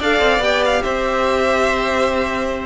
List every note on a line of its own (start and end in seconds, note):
0.00 0.20 D4
0.00 0.41 A4
0.00 0.82 D5
0.00 0.43 F5
0.20 0.39 C4
0.39 0.80 B3
0.39 2.67 G4
0.39 0.64 G5
0.65 0.83 F5
0.83 2.67 C4
0.83 2.67 C5
0.83 2.67 E5